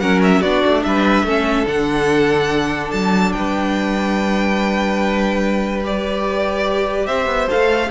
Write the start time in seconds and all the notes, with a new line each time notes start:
0.00 F#3 C#4 A#4 F#5
0.23 E5
0.41 B3 D4 F#4 D5
0.66 A3
0.84 G3 B4 E5
1.24 A3 C#4 A4
1.66 D3 D4 F#5
2.91 F#3 A5
3.33 G3 B4 G5
5.84 G4 D5
7.07 C4 C5 E5
7.26 B3
7.48 A4 F5
7.55 A3